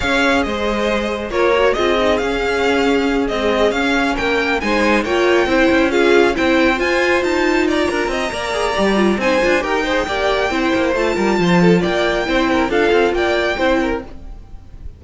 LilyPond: <<
  \new Staff \with { instrumentName = "violin" } { \time 4/4 \tempo 4 = 137 f''4 dis''2 cis''4 | dis''4 f''2~ f''8 dis''8~ | dis''8 f''4 g''4 gis''4 g''8~ | g''4. f''4 g''4 gis''8~ |
gis''8 a''4 ais''2~ ais''8~ | ais''4 gis''4 g''2~ | g''4 a''2 g''4~ | g''4 f''4 g''2 | }
  \new Staff \with { instrumentName = "violin" } { \time 4/4 cis''4 c''2 ais'4 | gis'1~ | gis'4. ais'4 c''4 cis''8~ | cis''8 c''4 gis'4 c''4.~ |
c''4. d''8 ais'8 dis''8 d''4~ | d''4 c''4 ais'8 c''8 d''4 | c''4. ais'8 c''8 a'8 d''4 | c''8 ais'8 a'4 d''4 c''8 ais'8 | }
  \new Staff \with { instrumentName = "viola" } { \time 4/4 gis'2. f'8 fis'8 | f'8 dis'8 cis'2~ cis'8 gis8~ | gis8 cis'2 dis'4 f'8~ | f'8 e'4 f'4 e'4 f'8~ |
f'2. ais'8 gis'8 | g'8 f'8 dis'8 f'8 g'8 gis'8 g'4 | e'4 f'2. | e'4 f'2 e'4 | }
  \new Staff \with { instrumentName = "cello" } { \time 4/4 cis'4 gis2 ais4 | c'4 cis'2~ cis'8 c'8~ | c'8 cis'4 ais4 gis4 ais8~ | ais8 c'8 cis'4. c'4 f'8~ |
f'8 dis'4. d'8 c'8 ais4 | g4 c'8 d'8 dis'4 ais4 | c'8 ais8 a8 g8 f4 ais4 | c'4 d'8 c'8 ais4 c'4 | }
>>